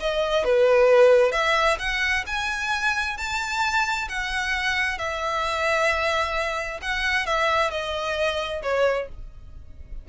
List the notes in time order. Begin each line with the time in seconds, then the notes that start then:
0.00 D#5
0.44 B4
1.32 E5
1.79 F#5
2.26 G#5
3.17 A5
4.09 F#5
4.98 E5
6.82 F#5
7.26 E5
7.71 D#5
8.63 C#5